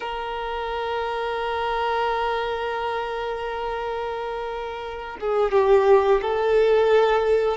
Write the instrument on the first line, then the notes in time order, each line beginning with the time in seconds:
violin
0.00 A#4
5.20 G#4
5.51 G4
6.21 A4